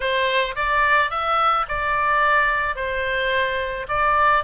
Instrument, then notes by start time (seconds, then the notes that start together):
oboe
0.00 C5
0.55 D5
1.10 E5
1.68 D5
2.75 C5
3.88 D5